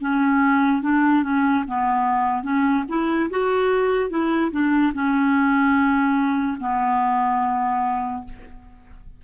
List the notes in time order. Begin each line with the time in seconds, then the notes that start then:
0.00 C#4
0.82 D4
1.23 C#4
1.67 B3
2.43 C#4
2.88 E4
3.30 F#4
4.09 E4
4.51 D4
4.93 C#4
6.59 B3